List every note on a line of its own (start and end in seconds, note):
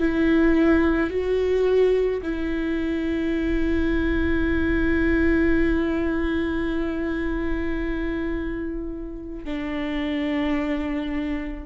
0.00 1.11 E4
1.11 2.22 F#4
2.23 9.45 E4
9.45 11.67 D4